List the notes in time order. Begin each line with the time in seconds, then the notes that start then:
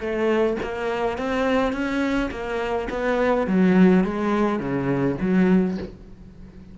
0.00 A3
0.63 A#3
1.18 C4
1.73 C#4
2.31 A#3
2.90 B3
3.47 F#3
4.04 G#3
4.59 C#3
5.21 F#3